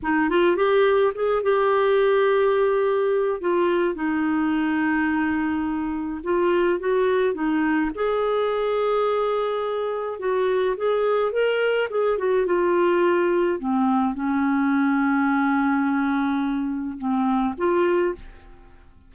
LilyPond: \new Staff \with { instrumentName = "clarinet" } { \time 4/4 \tempo 4 = 106 dis'8 f'8 g'4 gis'8 g'4.~ | g'2 f'4 dis'4~ | dis'2. f'4 | fis'4 dis'4 gis'2~ |
gis'2 fis'4 gis'4 | ais'4 gis'8 fis'8 f'2 | c'4 cis'2.~ | cis'2 c'4 f'4 | }